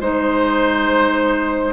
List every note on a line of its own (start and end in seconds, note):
0.00 1.73 G#3
0.00 1.73 D#4
0.00 1.73 C5